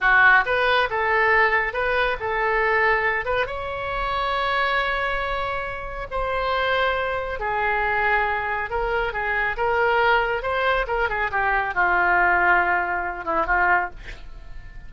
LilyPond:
\new Staff \with { instrumentName = "oboe" } { \time 4/4 \tempo 4 = 138 fis'4 b'4 a'2 | b'4 a'2~ a'8 b'8 | cis''1~ | cis''2 c''2~ |
c''4 gis'2. | ais'4 gis'4 ais'2 | c''4 ais'8 gis'8 g'4 f'4~ | f'2~ f'8 e'8 f'4 | }